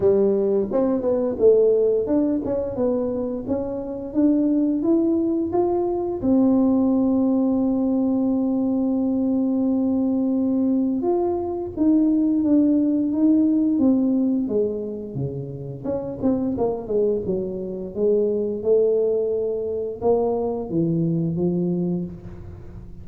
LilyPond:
\new Staff \with { instrumentName = "tuba" } { \time 4/4 \tempo 4 = 87 g4 c'8 b8 a4 d'8 cis'8 | b4 cis'4 d'4 e'4 | f'4 c'2.~ | c'1 |
f'4 dis'4 d'4 dis'4 | c'4 gis4 cis4 cis'8 c'8 | ais8 gis8 fis4 gis4 a4~ | a4 ais4 e4 f4 | }